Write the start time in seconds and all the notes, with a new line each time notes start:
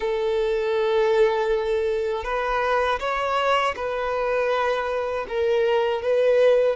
0.00 A4
2.24 B4
2.99 C#5
3.75 B4
5.28 A#4
6.01 B4